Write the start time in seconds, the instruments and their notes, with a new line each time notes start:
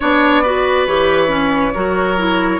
0.00 bassoon B3, clarinet D4, oboe C#5, flute D5
0.43 clarinet F#4, oboe B4
0.86 bassoon E3, clarinet G4, flute C#5
1.28 clarinet C#4
1.74 bassoon F#3, clarinet F#4, oboe A#4
2.17 clarinet E4